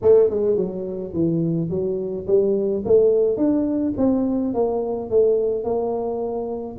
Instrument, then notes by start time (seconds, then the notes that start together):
tuba
0.02 A3
0.30 G#3
0.56 F#3
1.13 E3
1.69 F#3
2.27 G3
2.85 A3
3.37 D4
3.97 C4
4.54 A#3
5.10 A3
5.63 A#3